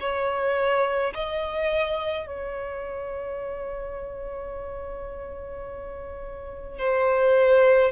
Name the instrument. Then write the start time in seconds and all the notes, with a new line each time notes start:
violin
0.00 C#5
1.14 D#5
2.27 C#5
6.78 C5